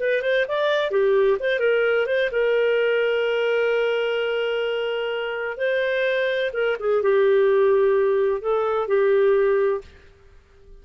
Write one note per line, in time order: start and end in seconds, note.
0.00 0.22 B4
0.22 0.46 C5
0.48 0.91 D5
0.91 1.38 G4
1.40 1.60 C5
1.60 2.06 A#4
2.07 2.30 C5
2.32 5.57 A#4
5.57 6.51 C5
6.53 6.77 A#4
6.80 7.02 G#4
7.02 8.42 G4
8.42 8.88 A4
8.88 9.82 G4